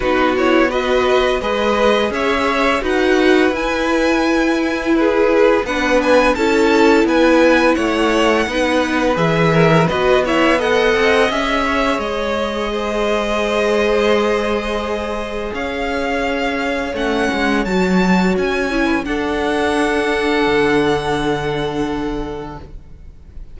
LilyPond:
<<
  \new Staff \with { instrumentName = "violin" } { \time 4/4 \tempo 4 = 85 b'8 cis''8 dis''4 b'4 e''4 | fis''4 gis''2 b'4 | fis''8 gis''8 a''4 gis''4 fis''4~ | fis''4 e''4 dis''8 e''8 fis''4 |
e''4 dis''2.~ | dis''2 f''2 | fis''4 a''4 gis''4 fis''4~ | fis''1 | }
  \new Staff \with { instrumentName = "violin" } { \time 4/4 fis'4 b'4 dis''4 cis''4 | b'2. gis'4 | b'4 a'4 b'4 cis''4 | b'4. ais'8 b'8 cis''8 dis''4~ |
dis''8 cis''4. c''2~ | c''2 cis''2~ | cis''2~ cis''8. b'16 a'4~ | a'1 | }
  \new Staff \with { instrumentName = "viola" } { \time 4/4 dis'8 e'8 fis'4 gis'2 | fis'4 e'2. | d'4 e'2. | dis'4 gis'4 fis'8 e'8 a'4 |
gis'1~ | gis'1 | cis'4 fis'4. e'8 d'4~ | d'1 | }
  \new Staff \with { instrumentName = "cello" } { \time 4/4 b2 gis4 cis'4 | dis'4 e'2. | b4 cis'4 b4 a4 | b4 e4 b4. c'8 |
cis'4 gis2.~ | gis2 cis'2 | a8 gis8 fis4 cis'4 d'4~ | d'4 d2. | }
>>